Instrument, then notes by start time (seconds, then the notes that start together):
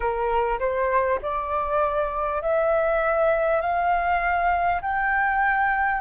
flute
0.00 A#4
0.59 C5
1.22 D5
2.42 E5
3.61 F5
4.81 G5